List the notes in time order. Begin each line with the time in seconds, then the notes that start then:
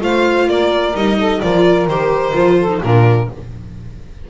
0.00 A3 F4 C5 F5
0.46 A#3 A#4 D5
0.94 G3 D#4 D#5
1.18 A4
1.41 F3 F4 A#4 D5
1.87 D#3 G4 C5
2.33 F3 F4
2.58 A4
2.69 D#4
2.81 A#2 D4 F4 A#4